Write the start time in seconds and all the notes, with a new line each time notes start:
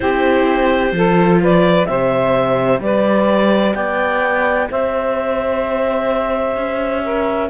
0.00 C4 E4 G4 C5
0.92 F3 F4 A4
1.40 B4 D5
1.86 C3 G4 C5 E5
2.79 G3 B4 D5
3.74 B3 D5 G5
4.70 C4 C5 E5
6.56 C#4
7.03 A#4